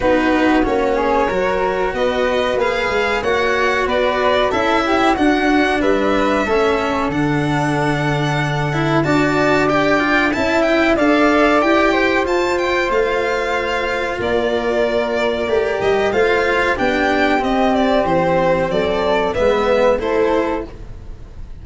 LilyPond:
<<
  \new Staff \with { instrumentName = "violin" } { \time 4/4 \tempo 4 = 93 b'4 cis''2 dis''4 | f''4 fis''4 d''4 e''4 | fis''4 e''2 fis''4~ | fis''2 a''4 g''4 |
a''8 g''8 f''4 g''4 a''8 g''8 | f''2 d''2~ | d''8 dis''8 f''4 g''4 dis''8 d''8 | c''4 d''4 e''4 c''4 | }
  \new Staff \with { instrumentName = "flute" } { \time 4/4 fis'4. gis'8 ais'4 b'4~ | b'4 cis''4 b'4 a'8 g'8 | fis'4 b'4 a'2~ | a'2 d''2 |
e''4 d''4. c''4.~ | c''2 ais'2~ | ais'4 c''4 g'2~ | g'4 a'4 b'4 a'4 | }
  \new Staff \with { instrumentName = "cello" } { \time 4/4 dis'4 cis'4 fis'2 | gis'4 fis'2 e'4 | d'2 cis'4 d'4~ | d'4. e'8 fis'4 g'8 f'8 |
e'4 a'4 g'4 f'4~ | f'1 | g'4 f'4 d'4 c'4~ | c'2 b4 e'4 | }
  \new Staff \with { instrumentName = "tuba" } { \time 4/4 b4 ais4 fis4 b4 | ais8 gis8 ais4 b4 cis'4 | d'4 g4 a4 d4~ | d2 d'2 |
cis'4 d'4 e'4 f'4 | a2 ais2 | a8 g8 a4 b4 c'4 | e4 fis4 gis4 a4 | }
>>